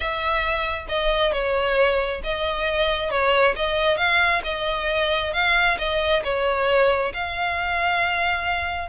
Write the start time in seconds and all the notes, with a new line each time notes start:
0.00 E5
0.88 D#5
1.32 C#5
2.23 D#5
3.10 C#5
3.56 D#5
3.97 F5
4.44 D#5
5.33 F5
5.78 D#5
6.23 C#5
7.13 F5